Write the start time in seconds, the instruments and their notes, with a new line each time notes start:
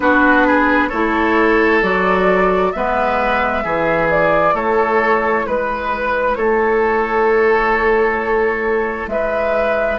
0.00 bassoon B3, clarinet D4, oboe F#4, flute B4
0.46 oboe G#4
0.88 bassoon A3, clarinet E4, oboe A4, flute C#5
1.81 bassoon F#3, clarinet F#4, flute D5
2.72 bassoon G#3, clarinet B3, oboe B4, flute E5
3.64 bassoon E3, clarinet E4, oboe G#4
4.10 flute D5
4.53 bassoon A3, oboe A4, flute C#5
5.46 bassoon G#3, flute B4, oboe B4
6.35 bassoon A3, oboe A4, flute C#5
9.07 bassoon G#3, oboe B4, flute E5